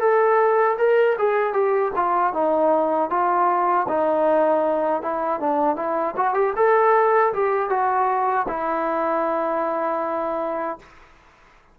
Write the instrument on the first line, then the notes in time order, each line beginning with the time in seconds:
trombone
0.00 A4
0.78 A#4
1.19 G#4
1.53 G4
1.96 F4
2.33 D#4
3.10 F4
3.88 D#4
5.02 E4
5.40 D4
5.76 E4
6.16 F#4
6.34 G4
6.56 A4
7.33 G4
7.70 F#4
8.48 E4